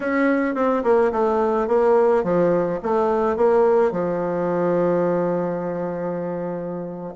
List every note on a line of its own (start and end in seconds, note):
0.00 0.55 C#4
0.55 0.83 C4
0.83 1.11 A#3
1.11 1.67 A3
1.67 2.23 A#3
2.23 2.79 F3
2.82 3.36 A3
3.36 3.91 A#3
3.91 7.14 F3